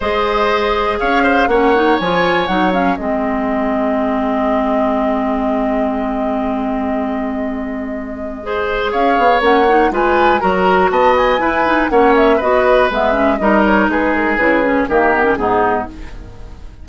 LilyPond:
<<
  \new Staff \with { instrumentName = "flute" } { \time 4/4 \tempo 4 = 121 dis''2 f''4 fis''4 | gis''4 fis''8 f''8 dis''2~ | dis''1~ | dis''1~ |
dis''2 f''4 fis''4 | gis''4 ais''4 a''8 gis''4. | fis''8 e''8 dis''4 e''4 dis''8 cis''8 | b'8 ais'8 b'4 ais'4 gis'4 | }
  \new Staff \with { instrumentName = "oboe" } { \time 4/4 c''2 cis''8 c''8 cis''4~ | cis''2 gis'2~ | gis'1~ | gis'1~ |
gis'4 c''4 cis''2 | b'4 ais'4 dis''4 b'4 | cis''4 b'2 ais'4 | gis'2 g'4 dis'4 | }
  \new Staff \with { instrumentName = "clarinet" } { \time 4/4 gis'2. cis'8 dis'8 | f'4 dis'8 cis'8 c'2~ | c'1~ | c'1~ |
c'4 gis'2 cis'8 dis'8 | f'4 fis'2 e'8 dis'8 | cis'4 fis'4 b8 cis'8 dis'4~ | dis'4 e'8 cis'8 ais8 b16 cis'16 b4 | }
  \new Staff \with { instrumentName = "bassoon" } { \time 4/4 gis2 cis'4 ais4 | f4 fis4 gis2~ | gis1~ | gis1~ |
gis2 cis'8 b8 ais4 | gis4 fis4 b4 e'4 | ais4 b4 gis4 g4 | gis4 cis4 dis4 gis,4 | }
>>